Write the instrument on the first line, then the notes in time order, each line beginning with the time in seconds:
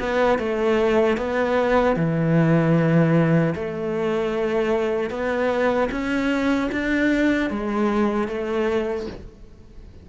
cello
0.00 B3
0.39 A3
1.18 B3
1.97 E3
3.56 A3
5.11 B3
5.92 C#4
6.72 D4
7.51 G#3
8.28 A3